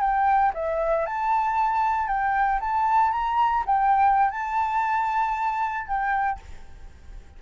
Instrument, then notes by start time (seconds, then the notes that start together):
flute
0.00 G5
0.54 E5
1.06 A5
2.07 G5
2.60 A5
3.11 A#5
3.66 G5
4.30 A5
5.87 G5